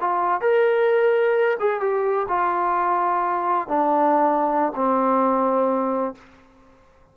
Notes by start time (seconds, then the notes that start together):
0.00 F4
0.41 A#4
1.59 G#4
1.80 G4
2.28 F4
3.68 D4
4.75 C4